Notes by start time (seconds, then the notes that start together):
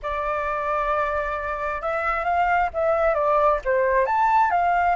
0.02 D5
1.81 E5
2.24 F5
2.73 E5
3.14 D5
3.64 C5
4.06 A5
4.51 F5